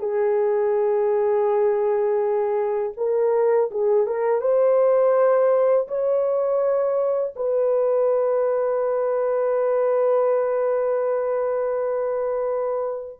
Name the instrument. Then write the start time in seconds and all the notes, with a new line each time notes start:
horn
0.00 G#4
2.97 A#4
3.71 G#4
4.07 A#4
4.41 C5
5.88 C#5
7.36 B4